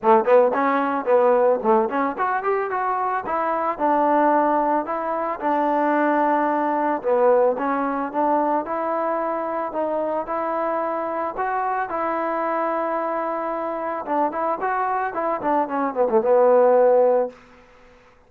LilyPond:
\new Staff \with { instrumentName = "trombone" } { \time 4/4 \tempo 4 = 111 a8 b8 cis'4 b4 a8 cis'8 | fis'8 g'8 fis'4 e'4 d'4~ | d'4 e'4 d'2~ | d'4 b4 cis'4 d'4 |
e'2 dis'4 e'4~ | e'4 fis'4 e'2~ | e'2 d'8 e'8 fis'4 | e'8 d'8 cis'8 b16 a16 b2 | }